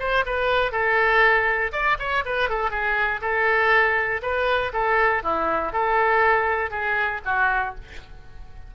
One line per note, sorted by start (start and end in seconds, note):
0.00 0.25 C5
0.26 0.72 B4
0.72 1.72 A4
1.73 1.98 D5
1.99 2.24 C#5
2.26 2.50 B4
2.50 2.71 A4
2.71 3.21 G#4
3.22 4.22 A4
4.23 4.73 B4
4.74 5.23 A4
5.23 5.73 E4
5.73 6.71 A4
6.71 7.21 G#4
7.26 7.76 F#4